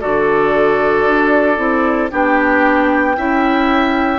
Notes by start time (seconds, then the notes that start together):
0.00 D3 F#4 A4 D5
1.06 D4
1.56 C4 E4
2.11 B3 D4 G4 G5
3.17 C#4 E4 E5